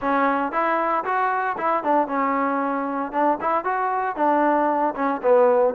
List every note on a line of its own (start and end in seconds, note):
0.01 0.51 C#4
0.51 1.04 E4
1.04 1.56 F#4
1.57 1.83 E4
1.83 2.07 D4
2.07 3.11 C#4
3.12 3.38 D4
3.40 3.64 E4
3.64 4.15 F#4
4.15 4.94 D4
4.95 5.21 C#4
5.22 5.74 B3